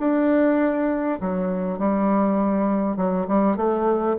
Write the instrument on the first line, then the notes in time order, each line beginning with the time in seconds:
bassoon
0.00 D4
1.21 F#3
1.79 G3
2.97 F#3
3.28 G3
3.57 A3